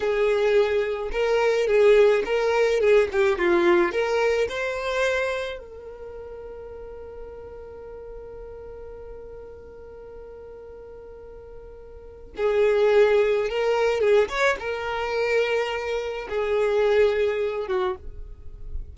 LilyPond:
\new Staff \with { instrumentName = "violin" } { \time 4/4 \tempo 4 = 107 gis'2 ais'4 gis'4 | ais'4 gis'8 g'8 f'4 ais'4 | c''2 ais'2~ | ais'1~ |
ais'1~ | ais'2 gis'2 | ais'4 gis'8 cis''8 ais'2~ | ais'4 gis'2~ gis'8 fis'8 | }